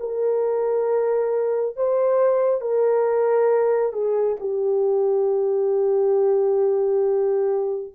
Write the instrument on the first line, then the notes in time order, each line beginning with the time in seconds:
horn
0.00 A#4
1.76 C5
2.61 A#4
3.93 G#4
4.40 G4